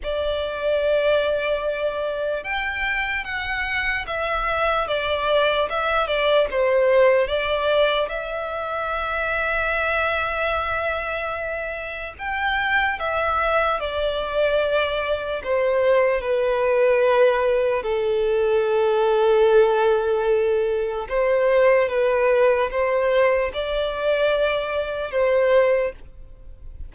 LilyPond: \new Staff \with { instrumentName = "violin" } { \time 4/4 \tempo 4 = 74 d''2. g''4 | fis''4 e''4 d''4 e''8 d''8 | c''4 d''4 e''2~ | e''2. g''4 |
e''4 d''2 c''4 | b'2 a'2~ | a'2 c''4 b'4 | c''4 d''2 c''4 | }